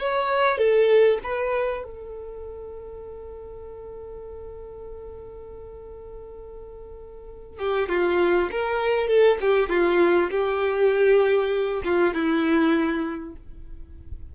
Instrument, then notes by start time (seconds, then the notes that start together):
violin
0.00 C#5
0.58 A4
1.24 B4
1.84 A4
7.59 G4
7.89 F4
8.52 A#4
9.08 A4
9.41 G4
9.70 F4
10.31 G4
11.85 F4
12.14 E4